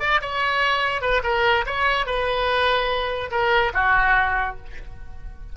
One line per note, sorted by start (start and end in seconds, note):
0.00 0.21 D5
0.22 1.01 C#5
1.01 1.22 B4
1.24 1.65 A#4
1.66 2.07 C#5
2.07 3.31 B4
3.31 3.73 A#4
3.74 4.57 F#4